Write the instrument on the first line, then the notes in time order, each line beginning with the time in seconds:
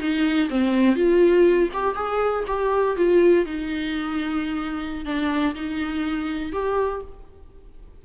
viola
0.00 D#4
0.50 C4
0.96 F4
1.73 G4
1.95 G#4
2.47 G4
2.96 F4
3.46 D#4
5.05 D4
5.55 D#4
6.53 G4